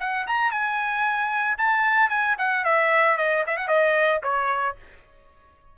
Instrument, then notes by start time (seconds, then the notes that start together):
trumpet
0.00 F#5
0.27 A#5
0.51 G#5
1.58 A5
2.10 G#5
2.38 F#5
2.65 E5
3.18 D#5
3.47 E5
3.57 F#5
3.68 D#5
4.23 C#5